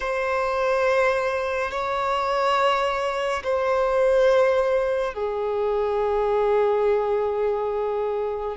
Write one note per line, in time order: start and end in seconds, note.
0.00 1.71 C5
1.71 3.42 C#5
3.43 5.14 C5
5.14 8.56 G#4